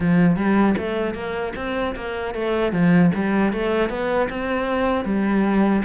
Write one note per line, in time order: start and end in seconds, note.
0.00 0.36 F3
0.36 0.75 G3
0.77 1.14 A3
1.14 1.53 A#3
1.56 1.95 C4
1.95 2.34 A#3
2.34 2.72 A3
2.72 3.11 F3
3.14 3.53 G3
3.53 3.89 A3
3.89 4.28 B3
4.29 5.04 C4
5.04 5.82 G3